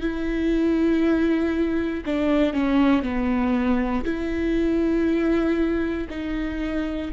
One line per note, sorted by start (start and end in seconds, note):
0.00 2.03 E4
2.05 2.53 D4
2.53 3.02 C#4
3.02 4.04 B3
4.04 6.07 E4
6.09 7.11 D#4